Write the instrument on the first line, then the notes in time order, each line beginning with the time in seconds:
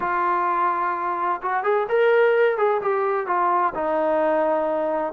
trombone
0.00 F4
1.41 F#4
1.63 G#4
1.89 A#4
2.57 G#4
2.81 G4
3.26 F4
3.75 D#4